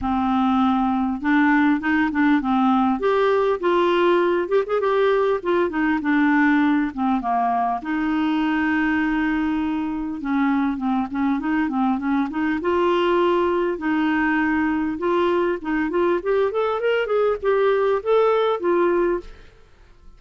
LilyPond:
\new Staff \with { instrumentName = "clarinet" } { \time 4/4 \tempo 4 = 100 c'2 d'4 dis'8 d'8 | c'4 g'4 f'4. g'16 gis'16 | g'4 f'8 dis'8 d'4. c'8 | ais4 dis'2.~ |
dis'4 cis'4 c'8 cis'8 dis'8 c'8 | cis'8 dis'8 f'2 dis'4~ | dis'4 f'4 dis'8 f'8 g'8 a'8 | ais'8 gis'8 g'4 a'4 f'4 | }